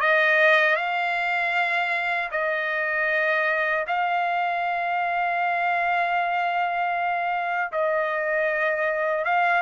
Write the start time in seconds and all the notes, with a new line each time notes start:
0.00 D#5
0.76 F5
2.31 D#5
3.87 F5
7.72 D#5
9.24 F5